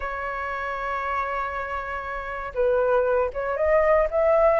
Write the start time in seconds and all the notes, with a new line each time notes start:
0.00 C#5
2.54 B4
3.33 C#5
3.56 D#5
4.10 E5